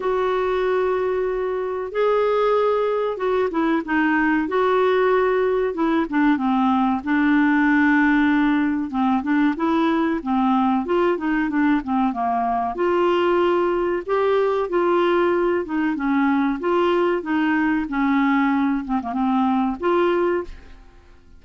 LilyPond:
\new Staff \with { instrumentName = "clarinet" } { \time 4/4 \tempo 4 = 94 fis'2. gis'4~ | gis'4 fis'8 e'8 dis'4 fis'4~ | fis'4 e'8 d'8 c'4 d'4~ | d'2 c'8 d'8 e'4 |
c'4 f'8 dis'8 d'8 c'8 ais4 | f'2 g'4 f'4~ | f'8 dis'8 cis'4 f'4 dis'4 | cis'4. c'16 ais16 c'4 f'4 | }